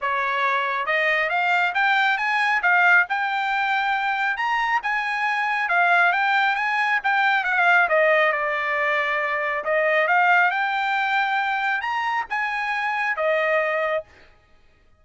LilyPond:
\new Staff \with { instrumentName = "trumpet" } { \time 4/4 \tempo 4 = 137 cis''2 dis''4 f''4 | g''4 gis''4 f''4 g''4~ | g''2 ais''4 gis''4~ | gis''4 f''4 g''4 gis''4 |
g''4 f''4 dis''4 d''4~ | d''2 dis''4 f''4 | g''2. ais''4 | gis''2 dis''2 | }